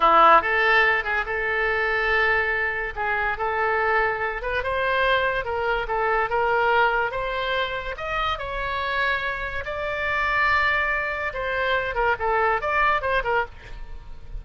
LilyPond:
\new Staff \with { instrumentName = "oboe" } { \time 4/4 \tempo 4 = 143 e'4 a'4. gis'8 a'4~ | a'2. gis'4 | a'2~ a'8 b'8 c''4~ | c''4 ais'4 a'4 ais'4~ |
ais'4 c''2 dis''4 | cis''2. d''4~ | d''2. c''4~ | c''8 ais'8 a'4 d''4 c''8 ais'8 | }